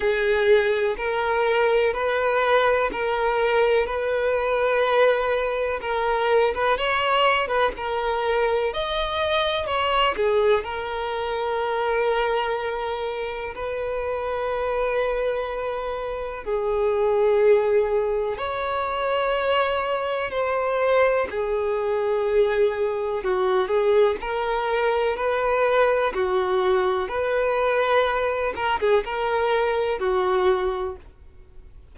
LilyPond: \new Staff \with { instrumentName = "violin" } { \time 4/4 \tempo 4 = 62 gis'4 ais'4 b'4 ais'4 | b'2 ais'8. b'16 cis''8. b'16 | ais'4 dis''4 cis''8 gis'8 ais'4~ | ais'2 b'2~ |
b'4 gis'2 cis''4~ | cis''4 c''4 gis'2 | fis'8 gis'8 ais'4 b'4 fis'4 | b'4. ais'16 gis'16 ais'4 fis'4 | }